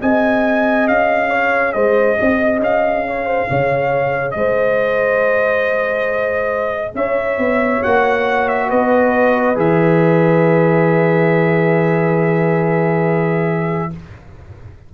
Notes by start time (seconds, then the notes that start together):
0.00 C4 G#4 D#5 G#5
0.87 C#4 F5
1.29 C#5
1.72 G#3 C5 D#5
2.19 C4 D#5
2.59 C#4 F5
3.07 C#5
3.25 C5
3.49 C#3 C#5
4.31 G#3 C5 D#5
6.94 C#4 C#5 E5
7.37 B3
7.83 A#3 F#4 F#5
8.48 E5
8.68 B3 B4 D#5
9.55 E3 G#4 E5